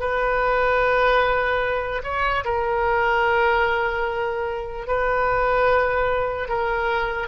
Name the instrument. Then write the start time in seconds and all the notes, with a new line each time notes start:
oboe
0.00 B4
2.04 C#5
2.45 A#4
4.88 B4
6.49 A#4